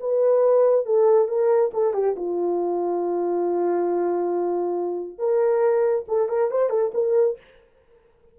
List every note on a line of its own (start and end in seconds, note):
0.00 0.85 B4
0.85 1.28 A4
1.28 1.71 A#4
1.74 1.93 A4
1.93 2.15 G4
2.16 5.18 F4
5.18 6.05 A#4
6.08 6.29 A4
6.29 6.51 A#4
6.51 6.70 C5
6.70 6.91 A4
6.94 7.38 A#4